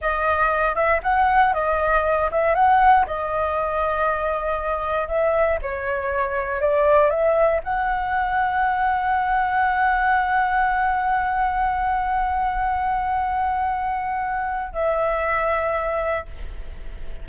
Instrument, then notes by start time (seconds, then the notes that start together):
flute
0.01 D#5
0.75 E5
1.02 F#5
1.53 D#5
2.31 E5
2.54 F#5
3.06 D#5
5.08 E5
5.62 C#5
6.60 D5
7.10 E5
7.63 F#5
14.72 E5